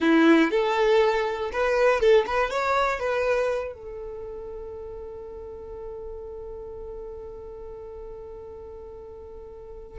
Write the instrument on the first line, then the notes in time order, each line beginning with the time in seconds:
violin
0.00 E4
0.50 A4
1.52 B4
2.00 A4
2.26 B4
2.50 C#5
2.99 B4
3.74 A4